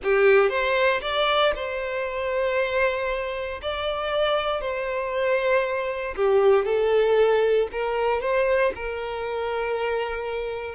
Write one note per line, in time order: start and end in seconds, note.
0.03 0.49 G4
0.49 1.00 C5
1.01 1.52 D5
1.55 3.60 C5
3.62 4.60 D5
4.60 6.14 C5
6.16 6.65 G4
6.65 7.67 A4
7.72 8.21 A#4
8.21 8.72 C5
8.75 10.74 A#4